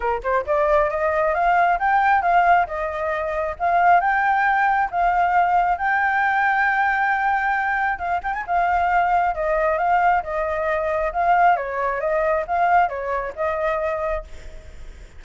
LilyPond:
\new Staff \with { instrumentName = "flute" } { \time 4/4 \tempo 4 = 135 ais'8 c''8 d''4 dis''4 f''4 | g''4 f''4 dis''2 | f''4 g''2 f''4~ | f''4 g''2.~ |
g''2 f''8 g''16 gis''16 f''4~ | f''4 dis''4 f''4 dis''4~ | dis''4 f''4 cis''4 dis''4 | f''4 cis''4 dis''2 | }